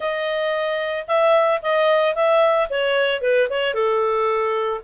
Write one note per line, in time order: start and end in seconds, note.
0.00 1.05 D#5
1.07 1.61 E5
1.61 2.15 D#5
2.15 2.68 E5
2.69 3.21 C#5
3.21 3.47 B4
3.49 3.74 C#5
3.74 4.81 A4